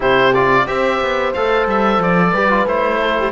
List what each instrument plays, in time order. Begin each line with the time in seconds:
0.00 cello C3, trombone E4, horn G4, oboe C5
0.33 trombone F4, oboe D5
0.66 cello C4, trombone G4, horn C5, oboe E5
1.00 cello B3
1.33 cello A3, trombone A4, oboe F5
1.66 cello G3, oboe E5
1.98 cello F3, oboe D5
2.31 cello G3, trombone G4, horn B4
2.49 trombone F4
2.66 cello A3, trombone E4, oboe C5
3.01 horn A4
3.18 horn G4